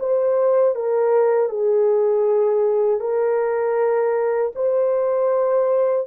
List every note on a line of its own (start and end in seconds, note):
0.00 0.76 C5
0.76 1.49 A#4
1.49 3.00 G#4
3.00 4.52 A#4
4.55 6.07 C5